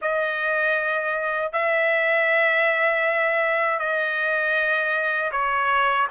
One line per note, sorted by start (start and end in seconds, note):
0.01 1.52 D#5
1.52 3.79 E5
3.79 5.31 D#5
5.31 6.07 C#5